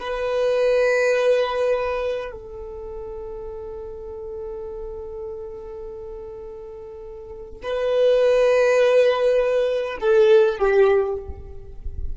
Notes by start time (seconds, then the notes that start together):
0.00 B4
2.32 A4
7.63 B4
10.01 A4
10.59 G4